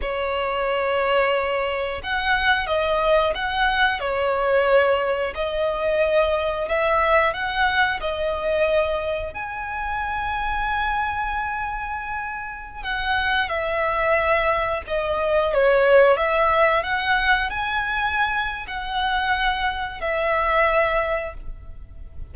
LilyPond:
\new Staff \with { instrumentName = "violin" } { \time 4/4 \tempo 4 = 90 cis''2. fis''4 | dis''4 fis''4 cis''2 | dis''2 e''4 fis''4 | dis''2 gis''2~ |
gis''2.~ gis''16 fis''8.~ | fis''16 e''2 dis''4 cis''8.~ | cis''16 e''4 fis''4 gis''4.~ gis''16 | fis''2 e''2 | }